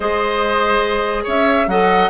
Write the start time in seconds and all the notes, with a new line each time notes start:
0.00 G#3 G#4 C5 D#5
1.23 C#4 C#5 E5
1.67 F#3 A4 D#5 F#5